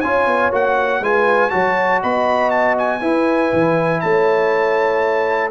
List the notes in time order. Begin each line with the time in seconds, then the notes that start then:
0.00 C#4 F4 C#5 G#5
0.26 B3
0.51 A#3 F#4 F#5
1.00 G#3 F4 B4 G#5
1.50 F#3 F#4 C#5 A5
2.02 B3 D#5 B5
2.50 A5
2.78 G#5
3.00 E4 B4
3.52 E3
4.00 A3 C#5 A5